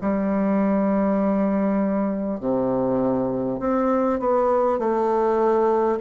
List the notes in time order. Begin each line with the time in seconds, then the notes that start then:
0.00 G3
2.40 C3
3.59 C4
4.19 B3
4.78 A3